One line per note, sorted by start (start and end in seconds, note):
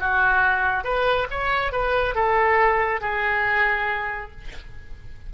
0.00 0.84 F#4
0.84 1.28 B4
1.30 1.72 C#5
1.72 2.15 B4
2.15 3.01 A4
3.01 4.32 G#4